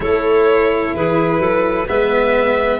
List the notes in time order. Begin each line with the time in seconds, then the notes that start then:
0.00 A3 E4 A4 C#5
0.93 E3 G#4 B4
1.38 F#3 A4
1.88 G#3 B3 B4 E5